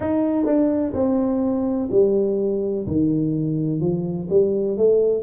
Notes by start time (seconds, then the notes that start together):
0.00 D#4
0.45 D4
0.94 C4
1.91 G3
2.87 D#3
3.80 F3
4.29 G3
4.77 A3